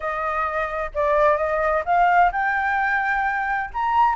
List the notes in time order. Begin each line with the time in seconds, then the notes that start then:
0.00 D#5
0.94 D5
1.37 D#5
1.85 F5
2.31 G5
3.73 A#5